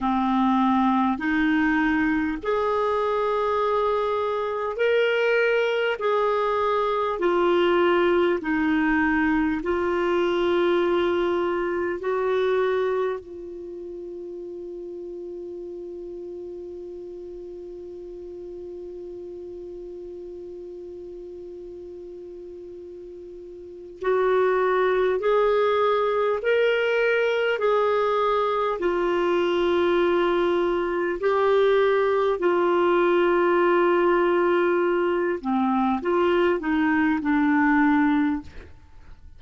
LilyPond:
\new Staff \with { instrumentName = "clarinet" } { \time 4/4 \tempo 4 = 50 c'4 dis'4 gis'2 | ais'4 gis'4 f'4 dis'4 | f'2 fis'4 f'4~ | f'1~ |
f'1 | fis'4 gis'4 ais'4 gis'4 | f'2 g'4 f'4~ | f'4. c'8 f'8 dis'8 d'4 | }